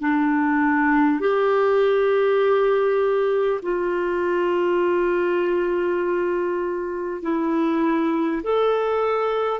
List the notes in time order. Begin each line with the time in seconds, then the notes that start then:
0.00 D4
1.20 G4
3.62 F4
7.22 E4
8.43 A4